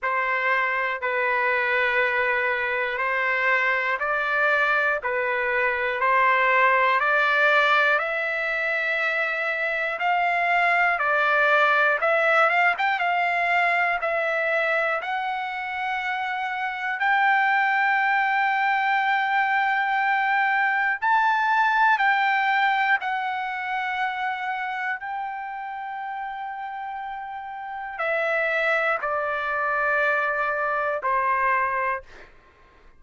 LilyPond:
\new Staff \with { instrumentName = "trumpet" } { \time 4/4 \tempo 4 = 60 c''4 b'2 c''4 | d''4 b'4 c''4 d''4 | e''2 f''4 d''4 | e''8 f''16 g''16 f''4 e''4 fis''4~ |
fis''4 g''2.~ | g''4 a''4 g''4 fis''4~ | fis''4 g''2. | e''4 d''2 c''4 | }